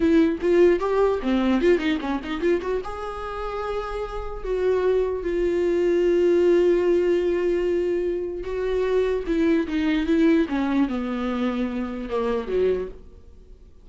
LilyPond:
\new Staff \with { instrumentName = "viola" } { \time 4/4 \tempo 4 = 149 e'4 f'4 g'4 c'4 | f'8 dis'8 cis'8 dis'8 f'8 fis'8 gis'4~ | gis'2. fis'4~ | fis'4 f'2.~ |
f'1~ | f'4 fis'2 e'4 | dis'4 e'4 cis'4 b4~ | b2 ais4 fis4 | }